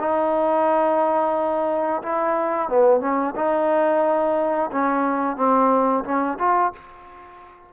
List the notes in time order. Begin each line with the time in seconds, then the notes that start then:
0.00 D#4
2.03 E4
2.69 B3
3.01 C#4
3.36 D#4
4.72 C#4
5.37 C4
6.05 C#4
6.39 F4